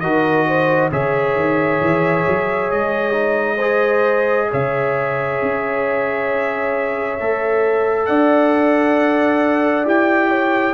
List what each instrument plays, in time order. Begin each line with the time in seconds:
0.00 tuba D#3, trombone F#4, horn A#4, trumpet D#5
0.48 horn C5
0.92 tuba C#3, trombone G#4, horn C#5, trumpet E5
1.36 tuba D#3
1.82 tuba E3
2.28 tuba F#3
2.71 tuba G#3, trumpet D#5
3.12 trombone D#4
3.57 trombone G#4, horn C5
4.51 tuba C#3, horn C#5, trumpet E5
5.42 tuba C#4
7.21 tuba A3, trombone A4
8.06 tuba D4, horn D5, trumpet F#5
9.85 tuba E4, trombone G4, trumpet G5
10.30 horn C#5